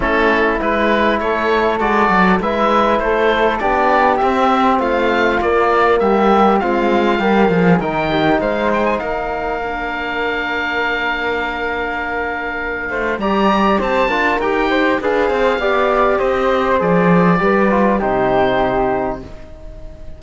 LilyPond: <<
  \new Staff \with { instrumentName = "oboe" } { \time 4/4 \tempo 4 = 100 a'4 b'4 cis''4 d''4 | e''4 c''4 d''4 e''4 | f''4 d''4 e''4 f''4~ | f''4 g''4 f''8 g''16 gis''16 f''4~ |
f''1~ | f''2 ais''4 a''4 | g''4 f''2 dis''4 | d''2 c''2 | }
  \new Staff \with { instrumentName = "flute" } { \time 4/4 e'2 a'2 | b'4 a'4 g'2 | f'2 g'4 f'4 | g'8 gis'8 ais'8 g'8 c''4 ais'4~ |
ais'1~ | ais'4. c''8 d''4 c''8 ais'8~ | ais'8 c''8 b'8 c''8 d''4 c''4~ | c''4 b'4 g'2 | }
  \new Staff \with { instrumentName = "trombone" } { \time 4/4 cis'4 e'2 fis'4 | e'2 d'4 c'4~ | c'4 ais2 c'4 | ais4 dis'2. |
d'1~ | d'2 g'4. f'8 | g'4 gis'4 g'2 | gis'4 g'8 f'8 dis'2 | }
  \new Staff \with { instrumentName = "cello" } { \time 4/4 a4 gis4 a4 gis8 fis8 | gis4 a4 b4 c'4 | a4 ais4 g4 gis4 | g8 f8 dis4 gis4 ais4~ |
ais1~ | ais4. a8 g4 c'8 d'8 | dis'4 d'8 c'8 b4 c'4 | f4 g4 c2 | }
>>